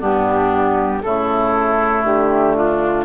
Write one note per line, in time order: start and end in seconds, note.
0.00 1.03 G2
0.00 1.02 B3
0.00 1.03 D4
0.00 1.02 G4
1.02 2.04 C#3
1.02 3.05 A3
1.02 2.57 E4
1.02 2.04 A4
2.04 3.05 D3
2.04 2.56 G4
2.56 3.05 D4
2.56 3.05 F4